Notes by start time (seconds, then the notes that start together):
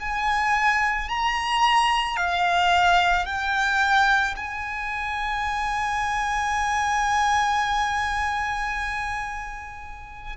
0.00 G#5
1.09 A#5
2.17 F5
3.26 G5
4.36 G#5